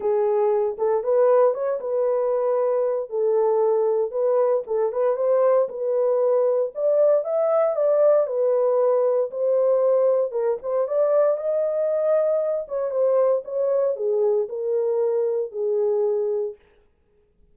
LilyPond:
\new Staff \with { instrumentName = "horn" } { \time 4/4 \tempo 4 = 116 gis'4. a'8 b'4 cis''8 b'8~ | b'2 a'2 | b'4 a'8 b'8 c''4 b'4~ | b'4 d''4 e''4 d''4 |
b'2 c''2 | ais'8 c''8 d''4 dis''2~ | dis''8 cis''8 c''4 cis''4 gis'4 | ais'2 gis'2 | }